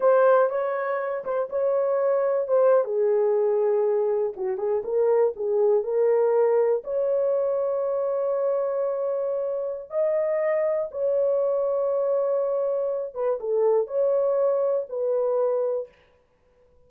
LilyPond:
\new Staff \with { instrumentName = "horn" } { \time 4/4 \tempo 4 = 121 c''4 cis''4. c''8 cis''4~ | cis''4 c''8. gis'2~ gis'16~ | gis'8. fis'8 gis'8 ais'4 gis'4 ais'16~ | ais'4.~ ais'16 cis''2~ cis''16~ |
cis''1 | dis''2 cis''2~ | cis''2~ cis''8 b'8 a'4 | cis''2 b'2 | }